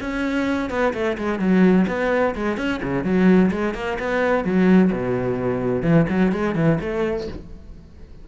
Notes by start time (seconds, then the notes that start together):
0.00 C#4
0.70 B3
0.94 A3
1.17 G#3
1.39 F#3
1.87 B3
2.35 G#3
2.57 C#4
2.83 C#3
3.04 F#3
3.51 G#3
3.74 A#3
3.99 B3
4.44 F#3
4.92 B2
5.82 E3
6.09 F#3
6.32 G#3
6.55 E3
6.81 A3